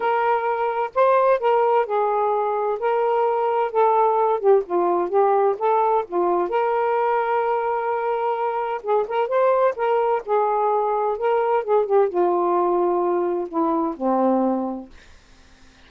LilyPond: \new Staff \with { instrumentName = "saxophone" } { \time 4/4 \tempo 4 = 129 ais'2 c''4 ais'4 | gis'2 ais'2 | a'4. g'8 f'4 g'4 | a'4 f'4 ais'2~ |
ais'2. gis'8 ais'8 | c''4 ais'4 gis'2 | ais'4 gis'8 g'8 f'2~ | f'4 e'4 c'2 | }